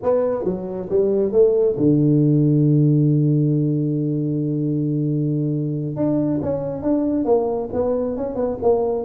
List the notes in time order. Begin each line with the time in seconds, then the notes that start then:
0.02 B3
0.44 F#3
0.89 G3
1.31 A3
1.76 D3
5.95 D4
6.42 C#4
6.82 D4
7.25 A#3
7.72 B3
8.16 C#4
8.35 B3
8.62 A#3